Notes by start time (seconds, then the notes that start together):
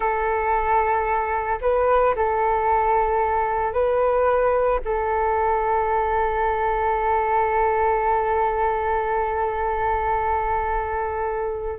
0.00 A4
1.61 B4
2.15 A4
3.73 B4
4.84 A4